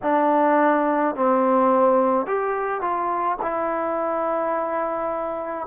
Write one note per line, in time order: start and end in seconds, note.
0.02 1.15 D4
1.15 2.26 C4
2.26 2.80 G4
2.80 3.37 F4
3.42 5.67 E4